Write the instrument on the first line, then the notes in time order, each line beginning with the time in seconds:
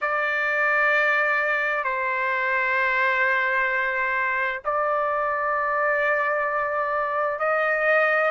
trumpet
0.01 D5
1.83 C5
4.64 D5
7.39 D#5